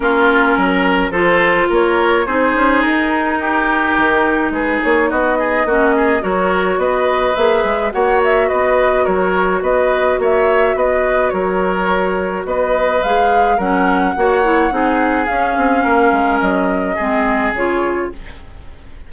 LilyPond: <<
  \new Staff \with { instrumentName = "flute" } { \time 4/4 \tempo 4 = 106 ais'2 c''4 cis''4 | c''4 ais'2. | b'8 cis''8 dis''2 cis''4 | dis''4 e''4 fis''8 e''8 dis''4 |
cis''4 dis''4 e''4 dis''4 | cis''2 dis''4 f''4 | fis''2. f''4~ | f''4 dis''2 cis''4 | }
  \new Staff \with { instrumentName = "oboe" } { \time 4/4 f'4 ais'4 a'4 ais'4 | gis'2 g'2 | gis'4 fis'8 gis'8 fis'8 gis'8 ais'4 | b'2 cis''4 b'4 |
ais'4 b'4 cis''4 b'4 | ais'2 b'2 | ais'4 cis''4 gis'2 | ais'2 gis'2 | }
  \new Staff \with { instrumentName = "clarinet" } { \time 4/4 cis'2 f'2 | dis'1~ | dis'2 cis'4 fis'4~ | fis'4 gis'4 fis'2~ |
fis'1~ | fis'2. gis'4 | cis'4 fis'8 e'8 dis'4 cis'4~ | cis'2 c'4 f'4 | }
  \new Staff \with { instrumentName = "bassoon" } { \time 4/4 ais4 fis4 f4 ais4 | c'8 cis'8 dis'2 dis4 | gis8 ais8 b4 ais4 fis4 | b4 ais8 gis8 ais4 b4 |
fis4 b4 ais4 b4 | fis2 b4 gis4 | fis4 ais4 c'4 cis'8 c'8 | ais8 gis8 fis4 gis4 cis4 | }
>>